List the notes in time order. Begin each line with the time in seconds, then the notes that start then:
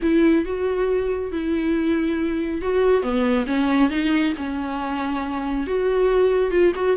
0.02 E4
0.45 F#4
1.32 E4
2.61 F#4
3.02 B3
3.46 C#4
3.89 D#4
4.37 C#4
5.66 F#4
6.50 F4
6.75 F#4